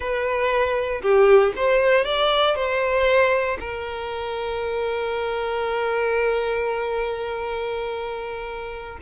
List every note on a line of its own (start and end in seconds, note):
0.00 1.01 B4
1.01 1.53 G4
1.55 2.04 C5
2.04 2.55 D5
2.55 3.58 C5
3.59 8.98 A#4